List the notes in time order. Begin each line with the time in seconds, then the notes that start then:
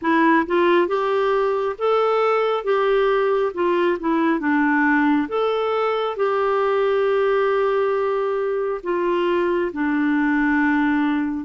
0.01 E4
0.46 F4
0.87 G4
1.78 A4
2.64 G4
3.54 F4
3.99 E4
4.39 D4
5.28 A4
6.16 G4
8.83 F4
9.72 D4